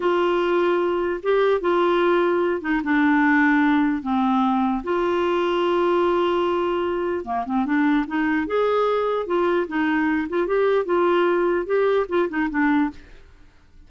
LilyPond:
\new Staff \with { instrumentName = "clarinet" } { \time 4/4 \tempo 4 = 149 f'2. g'4 | f'2~ f'8 dis'8 d'4~ | d'2 c'2 | f'1~ |
f'2 ais8 c'8 d'4 | dis'4 gis'2 f'4 | dis'4. f'8 g'4 f'4~ | f'4 g'4 f'8 dis'8 d'4 | }